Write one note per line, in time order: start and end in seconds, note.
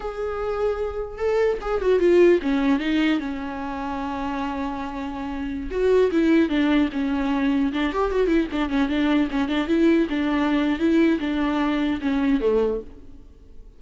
0.00 1.18 G#4
1.18 1.58 A4
1.61 1.81 G#4
1.81 1.99 F#4
1.99 2.39 F4
2.42 2.79 C#4
2.79 3.19 D#4
3.19 5.69 C#4
5.71 6.11 F#4
6.11 6.49 E4
6.49 6.89 D4
6.92 7.72 C#4
7.72 7.92 D4
7.92 8.11 G4
8.11 8.27 F#4
8.27 8.47 E4
8.51 8.69 D4
8.69 8.89 C#4
8.89 9.29 D4
9.31 9.48 C#4
9.48 9.67 D4
9.67 10.07 E4
10.09 10.79 D4
10.79 11.19 E4
11.19 11.99 D4
12.01 12.40 C#4
12.40 12.80 A3